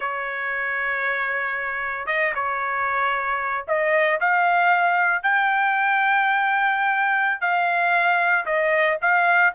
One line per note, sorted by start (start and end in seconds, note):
0.00 2.06 C#5
2.06 2.32 D#5
2.35 3.65 C#5
3.67 4.19 D#5
4.20 5.22 F5
5.22 7.40 G5
7.40 8.45 F5
8.45 8.97 D#5
9.01 9.53 F5